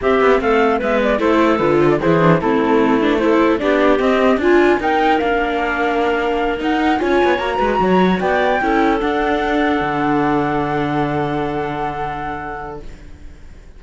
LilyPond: <<
  \new Staff \with { instrumentName = "flute" } { \time 4/4 \tempo 4 = 150 e''4 f''4 e''8 d''8 c''4 | b'8 c''16 d''16 c''4 a'4. b'8 | c''4 d''4 dis''4 gis''4 | g''4 f''2.~ |
f''8 fis''4 gis''4 ais''4.~ | ais''8 g''2 fis''4.~ | fis''1~ | fis''1 | }
  \new Staff \with { instrumentName = "clarinet" } { \time 4/4 g'4 a'4 b'4 a'4~ | a'4 gis'4 e'2 | a'4 g'2 f'4 | ais'1~ |
ais'4. cis''4. b'8 cis''8~ | cis''8 d''4 a'2~ a'8~ | a'1~ | a'1 | }
  \new Staff \with { instrumentName = "viola" } { \time 4/4 c'2 b4 e'4 | f'4 e'8 d'8 c'4. d'8 | e'4 d'4 c'4 f'4 | dis'4 d'2.~ |
d'8 dis'4 f'4 fis'4.~ | fis'4. e'4 d'4.~ | d'1~ | d'1 | }
  \new Staff \with { instrumentName = "cello" } { \time 4/4 c'8 b8 a4 gis4 a4 | d4 e4 a2~ | a4 b4 c'4 d'4 | dis'4 ais2.~ |
ais8 dis'4 cis'8 b8 ais8 gis8 fis8~ | fis8 b4 cis'4 d'4.~ | d'8 d2.~ d8~ | d1 | }
>>